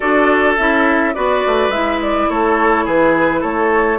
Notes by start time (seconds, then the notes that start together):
0.00 D4 F#4 A4 D5
0.57 C#4 E4 E5
1.13 B3 F#4 B4 D5
1.46 A3
1.68 G#3 E4 E5
2.02 D5
2.29 A3 A4 C#5
2.84 E3 G#4 B4
3.40 A3 A4 C#5